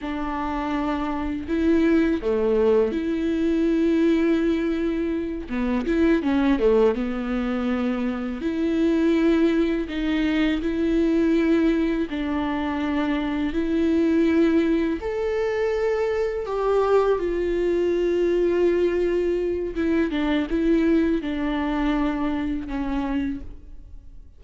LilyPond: \new Staff \with { instrumentName = "viola" } { \time 4/4 \tempo 4 = 82 d'2 e'4 a4 | e'2.~ e'8 b8 | e'8 cis'8 a8 b2 e'8~ | e'4. dis'4 e'4.~ |
e'8 d'2 e'4.~ | e'8 a'2 g'4 f'8~ | f'2. e'8 d'8 | e'4 d'2 cis'4 | }